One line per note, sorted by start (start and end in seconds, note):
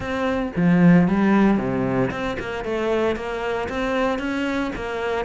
0.00 0.52 C4
0.56 1.08 F3
1.08 1.58 G3
1.58 2.10 C3
2.11 2.37 C4
2.39 2.64 A#3
2.64 3.16 A3
3.16 3.68 A#3
3.68 4.18 C4
4.18 4.71 C#4
4.75 5.25 A#3